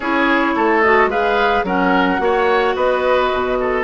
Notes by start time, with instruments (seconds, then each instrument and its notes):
0.00 bassoon C#4, clarinet E4, oboe G#4, flute C#5
0.55 bassoon A3, oboe A4
0.81 clarinet F#4, flute D#5
1.06 bassoon G#3, clarinet G#4, oboe B4, flute F5
1.63 bassoon F#3, clarinet C#4, oboe A#4, flute F#5
2.18 bassoon A#3, clarinet F#4, oboe C#5
2.75 bassoon B3, oboe B4, flute D#5
3.33 bassoon B2
3.60 oboe A4